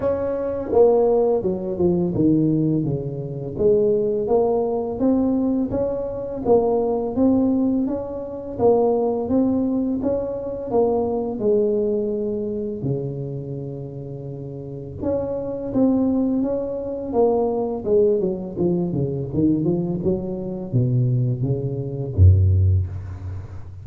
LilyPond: \new Staff \with { instrumentName = "tuba" } { \time 4/4 \tempo 4 = 84 cis'4 ais4 fis8 f8 dis4 | cis4 gis4 ais4 c'4 | cis'4 ais4 c'4 cis'4 | ais4 c'4 cis'4 ais4 |
gis2 cis2~ | cis4 cis'4 c'4 cis'4 | ais4 gis8 fis8 f8 cis8 dis8 f8 | fis4 b,4 cis4 fis,4 | }